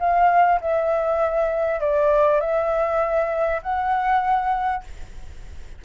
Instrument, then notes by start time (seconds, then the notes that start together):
flute
0.00 F5
0.61 E5
1.81 D5
2.41 E5
3.63 F#5